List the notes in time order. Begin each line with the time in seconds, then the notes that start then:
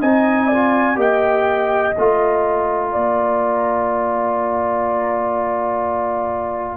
0.00 C4 D#4 D#5 G#5
0.47 D5
0.53 F4
0.96 A#3 G4 D#5 G5
1.95 A3 F4 A#5
2.92 A#3 D5